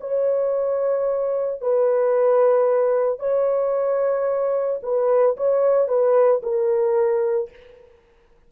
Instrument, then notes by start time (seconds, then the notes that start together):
horn
0.00 C#5
1.61 B4
3.19 C#5
4.82 B4
5.36 C#5
5.88 B4
6.42 A#4